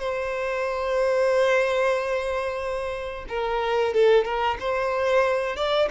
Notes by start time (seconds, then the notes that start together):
0.00 C5
3.29 A#4
3.94 A4
4.25 A#4
4.60 C5
5.56 D5